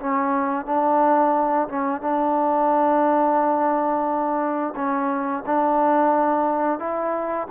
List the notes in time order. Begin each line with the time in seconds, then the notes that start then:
0.00 C#4
0.65 D4
1.69 C#4
2.01 D4
4.75 C#4
5.46 D4
6.79 E4